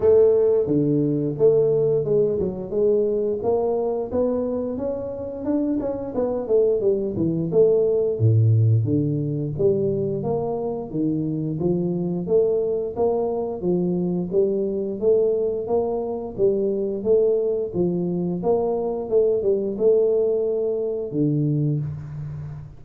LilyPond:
\new Staff \with { instrumentName = "tuba" } { \time 4/4 \tempo 4 = 88 a4 d4 a4 gis8 fis8 | gis4 ais4 b4 cis'4 | d'8 cis'8 b8 a8 g8 e8 a4 | a,4 d4 g4 ais4 |
dis4 f4 a4 ais4 | f4 g4 a4 ais4 | g4 a4 f4 ais4 | a8 g8 a2 d4 | }